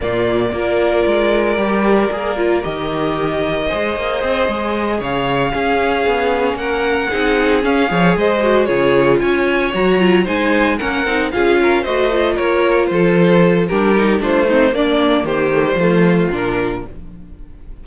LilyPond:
<<
  \new Staff \with { instrumentName = "violin" } { \time 4/4 \tempo 4 = 114 d''1~ | d''4 dis''2.~ | dis''4. f''2~ f''8~ | f''8 fis''2 f''4 dis''8~ |
dis''8 cis''4 gis''4 ais''4 gis''8~ | gis''8 fis''4 f''4 dis''4 cis''8~ | cis''8 c''4. ais'4 c''4 | d''4 c''2 ais'4 | }
  \new Staff \with { instrumentName = "violin" } { \time 4/4 f'4 ais'2.~ | ais'2. c''4~ | c''4. cis''4 gis'4.~ | gis'8 ais'4 gis'4. cis''8 c''8~ |
c''8 gis'4 cis''2 c''8~ | c''8 ais'4 gis'8 ais'8 c''4 ais'8~ | ais'8 a'4. g'4 f'8 dis'8 | d'4 g'4 f'2 | }
  \new Staff \with { instrumentName = "viola" } { \time 4/4 ais4 f'2 g'4 | gis'8 f'8 g'2 gis'4~ | gis'2~ gis'8 cis'4.~ | cis'4. dis'4 cis'8 gis'4 |
fis'8 f'2 fis'8 f'8 dis'8~ | dis'8 cis'8 dis'8 f'4 fis'8 f'4~ | f'2 d'8 dis'8 d'8 c'8 | ais4. a16 g16 a4 d'4 | }
  \new Staff \with { instrumentName = "cello" } { \time 4/4 ais,4 ais4 gis4 g4 | ais4 dis2 gis8 ais8 | c'8 gis4 cis4 cis'4 b8~ | b8 ais4 c'4 cis'8 f8 gis8~ |
gis8 cis4 cis'4 fis4 gis8~ | gis8 ais8 c'8 cis'4 a4 ais8~ | ais8 f4. g4 a4 | ais4 dis4 f4 ais,4 | }
>>